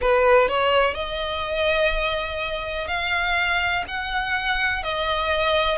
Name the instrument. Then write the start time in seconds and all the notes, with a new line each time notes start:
violin
0.01 B4
0.48 C#5
0.94 D#5
2.87 F5
3.87 F#5
4.83 D#5